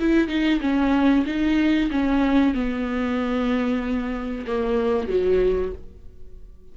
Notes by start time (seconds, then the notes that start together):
0.00 E4
0.28 D#4
0.61 C#4
1.26 D#4
1.91 C#4
2.54 B3
4.47 A#3
5.08 F#3